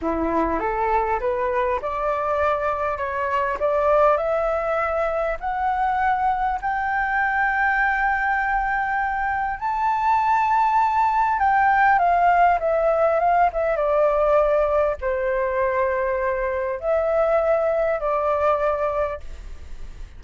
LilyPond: \new Staff \with { instrumentName = "flute" } { \time 4/4 \tempo 4 = 100 e'4 a'4 b'4 d''4~ | d''4 cis''4 d''4 e''4~ | e''4 fis''2 g''4~ | g''1 |
a''2. g''4 | f''4 e''4 f''8 e''8 d''4~ | d''4 c''2. | e''2 d''2 | }